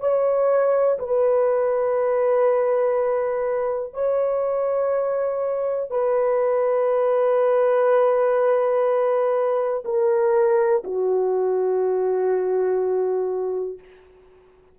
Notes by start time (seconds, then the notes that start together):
0.00 C#5
0.99 B4
3.93 C#5
5.90 B4
9.85 A#4
10.84 F#4